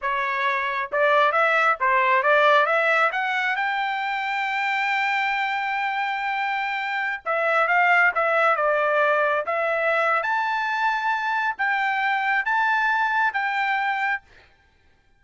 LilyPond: \new Staff \with { instrumentName = "trumpet" } { \time 4/4 \tempo 4 = 135 cis''2 d''4 e''4 | c''4 d''4 e''4 fis''4 | g''1~ | g''1~ |
g''16 e''4 f''4 e''4 d''8.~ | d''4~ d''16 e''4.~ e''16 a''4~ | a''2 g''2 | a''2 g''2 | }